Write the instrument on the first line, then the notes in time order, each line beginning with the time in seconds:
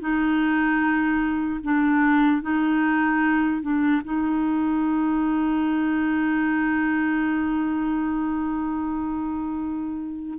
clarinet
0.00 D#4
1.64 D4
2.42 D#4
3.62 D4
4.04 D#4